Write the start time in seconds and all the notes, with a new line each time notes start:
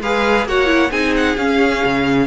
0.00 G#3 G#4 B4 F5
0.45 A#3 F#4 C#5 F#5
0.66 E4
0.91 C4 D#4 G#4 G#5
1.16 F#5
1.37 C#4 F5
1.84 C#3